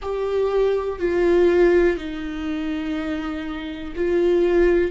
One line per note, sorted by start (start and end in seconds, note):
0.01 0.99 G4
0.99 1.97 F4
1.97 3.93 D#4
3.95 4.91 F4